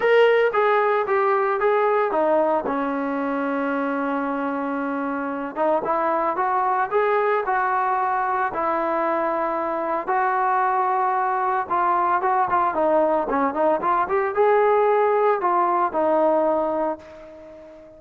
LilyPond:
\new Staff \with { instrumentName = "trombone" } { \time 4/4 \tempo 4 = 113 ais'4 gis'4 g'4 gis'4 | dis'4 cis'2.~ | cis'2~ cis'8 dis'8 e'4 | fis'4 gis'4 fis'2 |
e'2. fis'4~ | fis'2 f'4 fis'8 f'8 | dis'4 cis'8 dis'8 f'8 g'8 gis'4~ | gis'4 f'4 dis'2 | }